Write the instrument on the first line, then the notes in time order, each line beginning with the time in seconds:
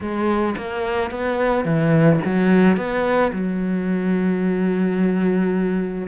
cello
0.00 G#3
0.57 A#3
1.10 B3
1.64 E3
2.25 F#3
2.76 B3
3.32 F#3